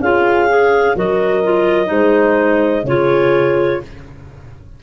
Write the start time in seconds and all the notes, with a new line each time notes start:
0.00 C#4 F4 G#4 F5
0.49 G#4
0.96 F#3 F#4 A#4 D#5
1.44 F4
1.86 G#3 D#4 C5
2.84 C#3 F4 G#4 C#5